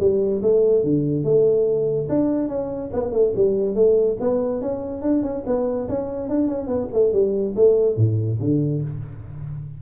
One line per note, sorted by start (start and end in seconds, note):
0.00 0.42 G3
0.43 0.84 A3
0.84 1.24 D3
1.24 2.08 A3
2.09 2.49 D4
2.49 2.90 C#4
2.93 3.12 B3
3.12 3.33 A3
3.36 3.75 G3
3.75 4.17 A3
4.20 4.62 B3
4.62 5.02 C#4
5.02 5.23 D4
5.23 5.44 C#4
5.47 5.89 B3
5.89 6.29 C#4
6.29 6.48 D4
6.48 6.67 C#4
6.67 6.88 B3
6.93 7.13 A3
7.13 7.55 G3
7.56 7.97 A3
7.97 8.39 A2
8.40 8.82 D3